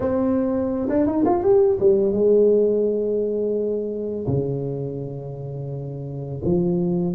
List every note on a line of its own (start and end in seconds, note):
0.00 0.89 C4
0.89 1.06 D4
1.06 1.24 D#4
1.25 1.43 F4
1.43 1.79 G4
1.80 2.12 G3
2.12 4.26 G#3
4.27 6.41 C#3
6.44 7.15 F3